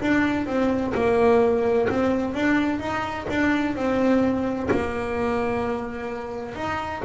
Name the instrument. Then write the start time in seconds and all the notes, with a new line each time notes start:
double bass
0.00 D4
0.46 C4
0.94 A#3
1.89 C4
2.34 D4
2.79 D#4
3.29 D4
3.75 C4
4.70 A#3
6.55 D#4